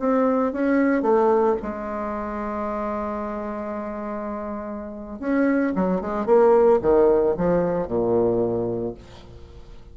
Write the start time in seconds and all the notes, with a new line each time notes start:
0.00 C4
0.53 C#4
1.03 A3
1.63 G#3
5.20 C#4
5.76 F#3
6.01 G#3
6.26 A#3
6.82 D#3
7.37 F3
7.88 A#2